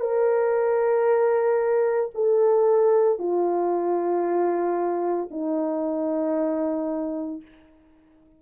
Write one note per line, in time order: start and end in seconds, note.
0.00 2.11 A#4
2.14 3.19 A4
3.19 5.29 F4
5.31 7.41 D#4